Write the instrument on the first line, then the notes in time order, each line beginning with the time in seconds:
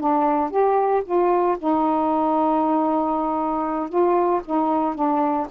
saxophone
0.00 D4
0.51 G4
1.05 F4
1.58 D#4
3.89 F4
4.45 D#4
4.94 D4